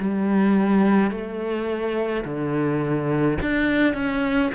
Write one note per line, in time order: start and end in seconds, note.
0.00 1.12 G3
1.12 2.25 A3
2.25 3.38 D3
3.42 3.94 D4
3.94 4.51 C#4